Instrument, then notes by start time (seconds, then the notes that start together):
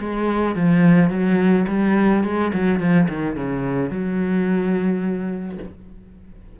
cello
0.00 G#3
0.56 F3
1.10 F#3
1.68 G3
2.24 G#3
2.54 F#3
2.80 F3
3.09 D#3
3.36 C#3
3.91 F#3